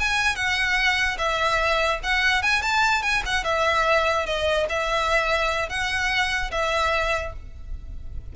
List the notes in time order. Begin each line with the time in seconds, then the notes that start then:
0.00 G#5
0.36 F#5
1.18 E5
2.04 F#5
2.43 G#5
2.63 A5
3.03 G#5
3.26 F#5
3.45 E5
4.27 D#5
4.70 E5
5.70 F#5
6.52 E5